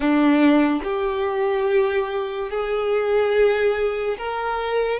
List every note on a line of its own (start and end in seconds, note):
0.00 0.81 D4
0.83 2.50 G4
2.50 4.17 G#4
4.17 4.99 A#4